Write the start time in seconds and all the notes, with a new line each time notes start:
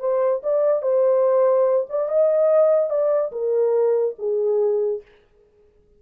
0.00 C5
0.43 D5
0.82 C5
1.89 D5
2.09 D#5
2.90 D5
3.32 A#4
4.19 G#4